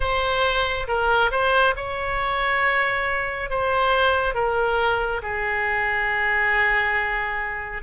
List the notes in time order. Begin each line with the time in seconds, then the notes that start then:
0.00 C5
0.87 A#4
1.31 C5
1.75 C#5
3.50 C5
4.34 A#4
5.22 G#4